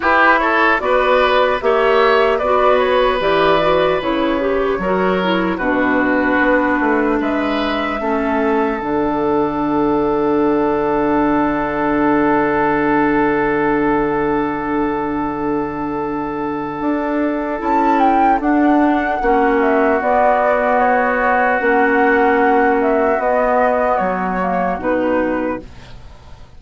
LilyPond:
<<
  \new Staff \with { instrumentName = "flute" } { \time 4/4 \tempo 4 = 75 b'8 cis''8 d''4 e''4 d''8 cis''8 | d''4 cis''2 b'4~ | b'4 e''2 fis''4~ | fis''1~ |
fis''1~ | fis''2 a''8 g''8 fis''4~ | fis''8 e''8 d''4 cis''4 fis''4~ | fis''8 e''8 dis''4 cis''4 b'4 | }
  \new Staff \with { instrumentName = "oboe" } { \time 4/4 g'8 a'8 b'4 cis''4 b'4~ | b'2 ais'4 fis'4~ | fis'4 b'4 a'2~ | a'1~ |
a'1~ | a'1 | fis'1~ | fis'1 | }
  \new Staff \with { instrumentName = "clarinet" } { \time 4/4 e'4 fis'4 g'4 fis'4 | g'8 fis'8 e'8 g'8 fis'8 e'8 d'4~ | d'2 cis'4 d'4~ | d'1~ |
d'1~ | d'2 e'4 d'4 | cis'4 b2 cis'4~ | cis'4 b4. ais8 dis'4 | }
  \new Staff \with { instrumentName = "bassoon" } { \time 4/4 e'4 b4 ais4 b4 | e4 cis4 fis4 b,4 | b8 a8 gis4 a4 d4~ | d1~ |
d1~ | d4 d'4 cis'4 d'4 | ais4 b2 ais4~ | ais4 b4 fis4 b,4 | }
>>